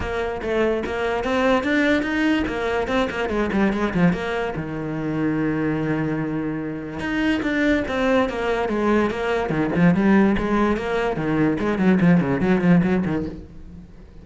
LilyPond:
\new Staff \with { instrumentName = "cello" } { \time 4/4 \tempo 4 = 145 ais4 a4 ais4 c'4 | d'4 dis'4 ais4 c'8 ais8 | gis8 g8 gis8 f8 ais4 dis4~ | dis1~ |
dis4 dis'4 d'4 c'4 | ais4 gis4 ais4 dis8 f8 | g4 gis4 ais4 dis4 | gis8 fis8 f8 cis8 fis8 f8 fis8 dis8 | }